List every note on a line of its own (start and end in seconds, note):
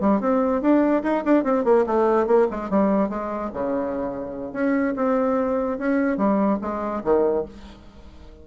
0.00 0.20 G3
0.20 0.61 C4
0.61 1.03 D4
1.03 1.24 D#4
1.25 1.44 D4
1.44 1.64 C4
1.64 1.85 A#3
1.86 2.26 A3
2.26 2.47 A#3
2.51 2.70 G#3
2.70 3.09 G3
3.09 3.50 G#3
3.53 4.53 C#3
4.53 4.94 C#4
4.96 5.78 C4
5.78 6.17 C#4
6.17 6.58 G3
6.61 7.03 G#3
7.04 7.45 D#3